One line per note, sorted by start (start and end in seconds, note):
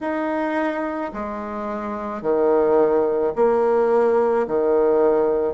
0.00 1.11 D#4
1.13 2.22 G#3
2.22 3.33 D#3
3.35 4.46 A#3
4.47 5.54 D#3